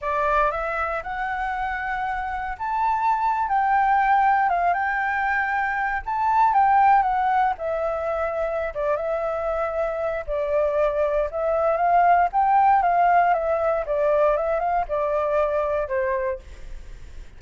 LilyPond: \new Staff \with { instrumentName = "flute" } { \time 4/4 \tempo 4 = 117 d''4 e''4 fis''2~ | fis''4 a''4.~ a''16 g''4~ g''16~ | g''8. f''8 g''2~ g''8 a''16~ | a''8. g''4 fis''4 e''4~ e''16~ |
e''4 d''8 e''2~ e''8 | d''2 e''4 f''4 | g''4 f''4 e''4 d''4 | e''8 f''8 d''2 c''4 | }